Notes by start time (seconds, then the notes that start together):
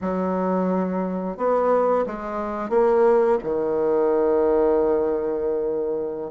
0.01 F#3
1.37 B3
2.06 G#3
2.69 A#3
3.43 D#3